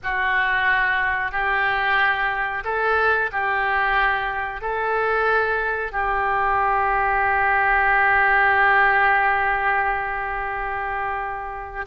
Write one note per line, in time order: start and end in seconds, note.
0.03 1.31 F#4
1.31 2.63 G4
2.64 3.30 A4
3.32 4.61 G4
4.61 5.92 A4
5.92 11.85 G4